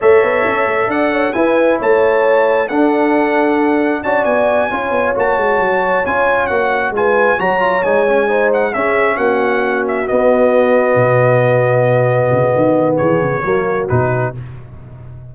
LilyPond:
<<
  \new Staff \with { instrumentName = "trumpet" } { \time 4/4 \tempo 4 = 134 e''2 fis''4 gis''4 | a''2 fis''2~ | fis''4 a''8 gis''2 a''8~ | a''4. gis''4 fis''4 gis''8~ |
gis''8 ais''4 gis''4. fis''8 e''8~ | e''8 fis''4. e''8 dis''4.~ | dis''1~ | dis''4 cis''2 b'4 | }
  \new Staff \with { instrumentName = "horn" } { \time 4/4 cis''2 d''8 cis''8 b'4 | cis''2 a'2~ | a'4 d''4. cis''4.~ | cis''2.~ cis''8 b'8~ |
b'8 cis''2 c''4 gis'8~ | gis'8 fis'2.~ fis'8~ | fis'1~ | fis'4 gis'4 fis'2 | }
  \new Staff \with { instrumentName = "trombone" } { \time 4/4 a'2. e'4~ | e'2 d'2~ | d'4 fis'4. f'4 fis'8~ | fis'4. f'4 fis'4 f'8~ |
f'8 fis'8 f'8 dis'8 cis'8 dis'4 cis'8~ | cis'2~ cis'8 b4.~ | b1~ | b2 ais4 dis'4 | }
  \new Staff \with { instrumentName = "tuba" } { \time 4/4 a8 b8 cis'8 a8 d'4 e'4 | a2 d'2~ | d'4 cis'8 b4 cis'8 b8 ais8 | gis8 fis4 cis'4 ais4 gis8~ |
gis8 fis4 gis2 cis'8~ | cis'8 ais2 b4.~ | b8 b,2. cis8 | dis4 e8 cis8 fis4 b,4 | }
>>